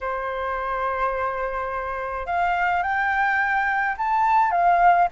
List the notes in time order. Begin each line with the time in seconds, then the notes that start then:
0.01 C5
2.26 F5
2.82 G5
3.97 A5
4.51 F5